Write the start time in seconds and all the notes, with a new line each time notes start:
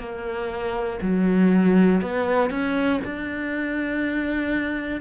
0.00 A#3
1.02 F#3
2.02 B3
2.50 C#4
3.05 D4